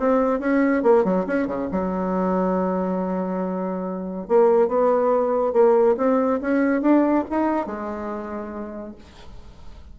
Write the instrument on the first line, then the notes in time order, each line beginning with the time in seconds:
bassoon
0.00 C4
0.40 C#4
0.83 A#3
1.05 F#3
1.27 C#4
1.47 C#3
1.72 F#3
4.28 A#3
4.68 B3
5.53 A#3
5.97 C4
6.42 C#4
6.82 D4
7.30 D#4
7.67 G#3